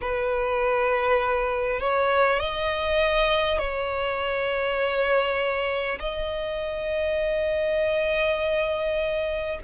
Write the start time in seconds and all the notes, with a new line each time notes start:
0.01 B4
1.80 C#5
2.39 D#5
3.58 C#5
5.99 D#5